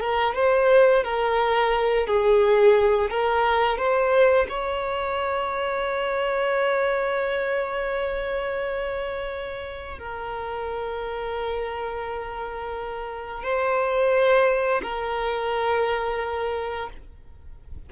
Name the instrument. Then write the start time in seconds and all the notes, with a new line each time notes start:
violin
0.00 A#4
0.35 C5
1.04 A#4
2.07 G#4
3.10 A#4
3.78 C5
4.49 C#5
9.98 A#4
13.43 C5
14.82 A#4